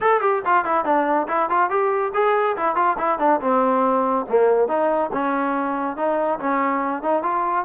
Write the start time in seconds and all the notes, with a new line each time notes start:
0.01 A4
0.21 G4
0.45 F4
0.64 E4
0.84 D4
1.28 E4
1.49 F4
1.69 G4
2.14 G#4
2.56 E4
2.75 F4
2.97 E4
3.19 D4
3.40 C4
4.29 A#3
4.68 D#4
5.12 C#4
5.96 D#4
6.39 C#4
7.02 D#4
7.22 F4